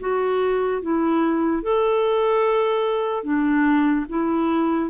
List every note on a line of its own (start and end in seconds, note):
0.00 0.82 F#4
0.82 1.63 E4
1.63 3.24 A4
3.24 4.06 D4
4.09 4.90 E4